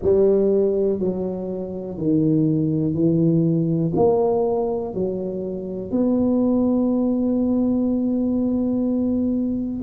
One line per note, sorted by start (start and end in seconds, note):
0.02 0.99 G3
0.99 1.97 F#3
1.97 2.94 D#3
2.94 3.92 E3
3.95 4.94 A#3
4.94 5.91 F#3
5.91 9.83 B3